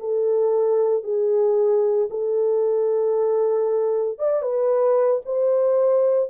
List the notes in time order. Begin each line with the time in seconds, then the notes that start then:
0.00 A4
1.04 G#4
2.11 A4
4.19 D5
4.43 B4
5.25 C5